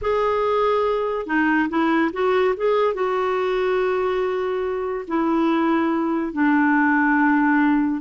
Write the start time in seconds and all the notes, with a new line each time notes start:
0.01 G#4
1.26 D#4
1.69 E4
2.12 F#4
2.57 G#4
2.94 F#4
5.07 E4
6.32 D4